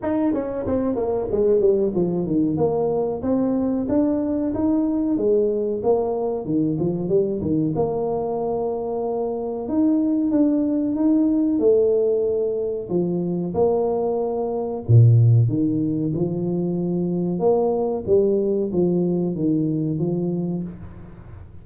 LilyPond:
\new Staff \with { instrumentName = "tuba" } { \time 4/4 \tempo 4 = 93 dis'8 cis'8 c'8 ais8 gis8 g8 f8 dis8 | ais4 c'4 d'4 dis'4 | gis4 ais4 dis8 f8 g8 dis8 | ais2. dis'4 |
d'4 dis'4 a2 | f4 ais2 ais,4 | dis4 f2 ais4 | g4 f4 dis4 f4 | }